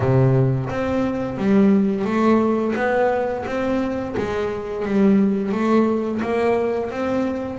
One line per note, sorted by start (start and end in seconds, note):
0.00 0.69 C3
0.69 1.37 C4
1.37 2.05 G3
2.05 2.74 A3
2.75 3.44 B3
3.46 4.15 C4
4.17 4.85 G#3
4.85 5.52 G3
5.52 6.21 A3
6.21 6.90 A#3
6.91 7.59 C4